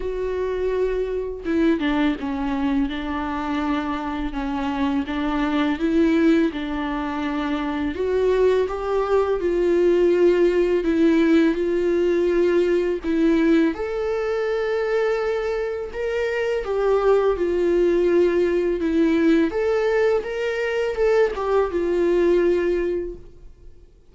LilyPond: \new Staff \with { instrumentName = "viola" } { \time 4/4 \tempo 4 = 83 fis'2 e'8 d'8 cis'4 | d'2 cis'4 d'4 | e'4 d'2 fis'4 | g'4 f'2 e'4 |
f'2 e'4 a'4~ | a'2 ais'4 g'4 | f'2 e'4 a'4 | ais'4 a'8 g'8 f'2 | }